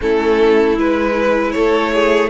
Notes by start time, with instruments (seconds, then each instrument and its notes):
0.00 cello A3, viola C#4, violin E4 A4
0.76 cello G#3, viola E4, violin B4
1.52 cello A3, violin A4 C#5
1.93 violin G#4